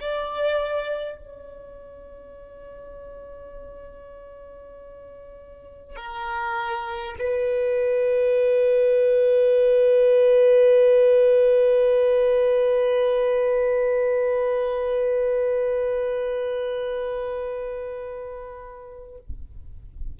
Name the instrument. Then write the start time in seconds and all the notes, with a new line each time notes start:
violin
0.00 D5
1.18 C#5
5.96 A#4
7.19 B4